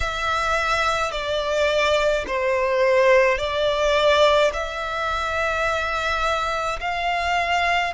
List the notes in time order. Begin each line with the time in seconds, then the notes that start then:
0.00 E5
1.11 D5
2.26 C5
3.38 D5
4.53 E5
6.80 F5